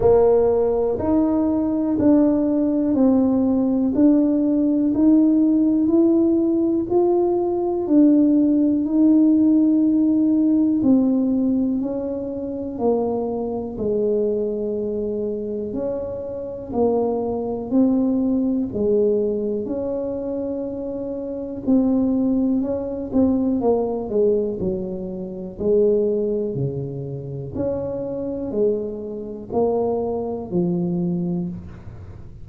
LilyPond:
\new Staff \with { instrumentName = "tuba" } { \time 4/4 \tempo 4 = 61 ais4 dis'4 d'4 c'4 | d'4 dis'4 e'4 f'4 | d'4 dis'2 c'4 | cis'4 ais4 gis2 |
cis'4 ais4 c'4 gis4 | cis'2 c'4 cis'8 c'8 | ais8 gis8 fis4 gis4 cis4 | cis'4 gis4 ais4 f4 | }